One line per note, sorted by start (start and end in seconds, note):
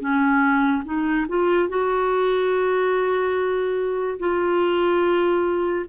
0.00 0.83 C#4
0.85 1.27 D#4
1.28 1.69 F4
1.69 4.19 F#4
4.19 5.86 F4